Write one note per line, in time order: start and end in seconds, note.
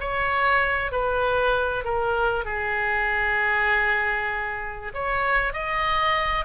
0.00 0.92 C#5
0.92 1.84 B4
1.84 2.45 A#4
2.45 4.92 G#4
4.94 5.53 C#5
5.53 6.45 D#5